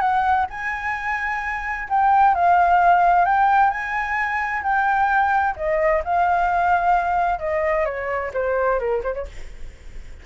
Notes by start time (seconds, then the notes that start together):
0.00 F#5
0.50 G#5
1.89 G5
2.35 F5
3.25 G5
3.70 G#5
4.63 G5
5.56 D#5
6.05 F5
7.39 D#5
7.85 C#5
8.34 C5
8.79 A#4
9.03 C5
9.14 C#5